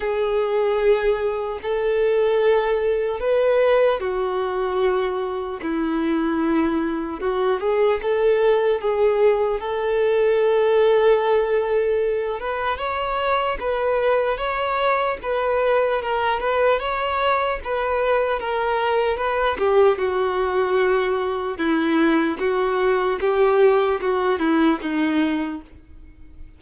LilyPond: \new Staff \with { instrumentName = "violin" } { \time 4/4 \tempo 4 = 75 gis'2 a'2 | b'4 fis'2 e'4~ | e'4 fis'8 gis'8 a'4 gis'4 | a'2.~ a'8 b'8 |
cis''4 b'4 cis''4 b'4 | ais'8 b'8 cis''4 b'4 ais'4 | b'8 g'8 fis'2 e'4 | fis'4 g'4 fis'8 e'8 dis'4 | }